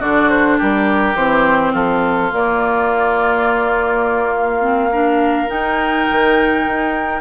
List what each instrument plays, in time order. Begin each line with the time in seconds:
0.00 bassoon D3, clarinet D4, oboe F#4, flute D5
0.30 flute C5
0.58 bassoon G3, oboe G4, flute A#4
1.16 bassoon E3, clarinet C4, flute C5
1.73 bassoon F3, oboe F4, flute A4
2.32 clarinet A#3, bassoon A#3, flute D5
4.37 flute F5
4.61 clarinet C4
4.92 clarinet D4, oboe A#4
5.48 clarinet D#4, bassoon D#4, flute G5
6.10 bassoon D#3
6.67 bassoon D#4